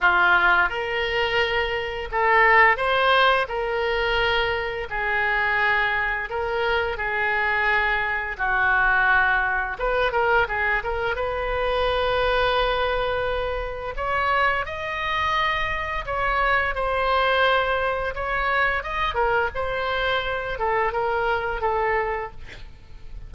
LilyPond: \new Staff \with { instrumentName = "oboe" } { \time 4/4 \tempo 4 = 86 f'4 ais'2 a'4 | c''4 ais'2 gis'4~ | gis'4 ais'4 gis'2 | fis'2 b'8 ais'8 gis'8 ais'8 |
b'1 | cis''4 dis''2 cis''4 | c''2 cis''4 dis''8 ais'8 | c''4. a'8 ais'4 a'4 | }